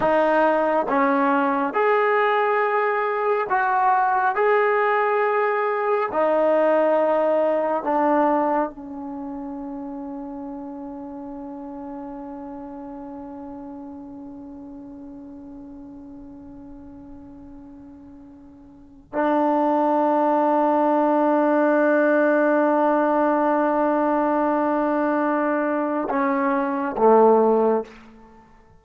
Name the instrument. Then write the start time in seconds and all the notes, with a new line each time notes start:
trombone
0.00 D#4
0.88 C#4
1.73 G#4
3.49 F#4
4.35 G#4
6.12 D#4
7.83 D4
8.70 C#4
19.13 D4
26.09 C#4
26.97 A3